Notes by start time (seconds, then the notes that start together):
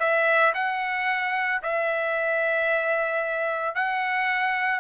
0.00 E5
0.55 F#5
1.63 E5
3.75 F#5